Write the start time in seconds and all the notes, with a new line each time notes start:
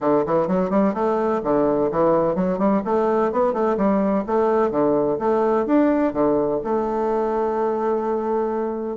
0.00 D3
0.26 E3
0.47 F#3
0.70 G3
0.94 A3
1.43 D3
1.91 E3
2.35 F#3
2.58 G3
2.85 A3
3.32 B3
3.53 A3
3.77 G3
4.26 A3
4.70 D3
5.18 A3
5.65 D4
6.13 D3
6.64 A3